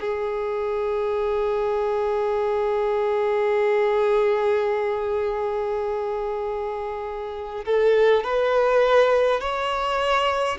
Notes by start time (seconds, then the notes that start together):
0.00 G#4
7.65 A4
8.24 B4
9.41 C#5